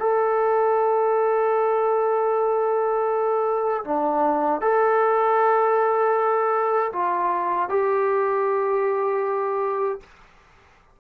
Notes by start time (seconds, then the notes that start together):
0.00 A4
3.85 D4
4.62 A4
6.93 F4
7.70 G4